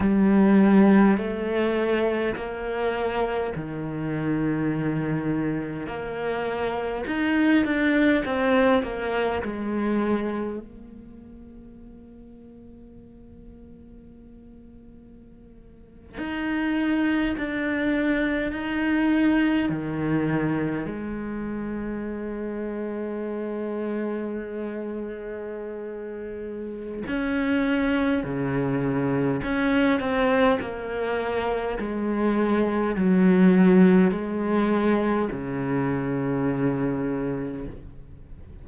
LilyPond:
\new Staff \with { instrumentName = "cello" } { \time 4/4 \tempo 4 = 51 g4 a4 ais4 dis4~ | dis4 ais4 dis'8 d'8 c'8 ais8 | gis4 ais2.~ | ais4.~ ais16 dis'4 d'4 dis'16~ |
dis'8. dis4 gis2~ gis16~ | gis2. cis'4 | cis4 cis'8 c'8 ais4 gis4 | fis4 gis4 cis2 | }